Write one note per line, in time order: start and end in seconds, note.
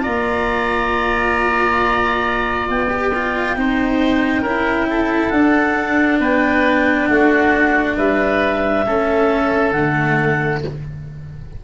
0.00 2.69 A#3
0.00 2.87 F4
0.00 3.55 D5
0.00 2.67 A#5
2.69 3.56 B3
2.69 5.29 G5
2.89 3.11 G4
3.14 3.56 F4
3.56 4.41 C4
3.56 4.44 D#4
3.56 4.42 C5
4.41 5.29 C#4
4.41 5.33 E4
4.41 4.86 A#4
4.90 6.20 A4
5.29 6.19 D4
5.29 8.86 D4
5.29 6.17 F#5
6.19 7.07 B3
6.19 7.08 B4
6.19 7.07 G5
7.07 7.97 A3
7.07 7.97 F#4
7.07 7.95 F#5
7.96 8.85 G3
7.96 8.85 B4
7.96 9.72 E5
8.86 9.72 A3
8.86 9.74 C#4
8.86 10.62 A4
9.72 10.60 D3
9.72 10.64 A3
9.72 10.60 F#5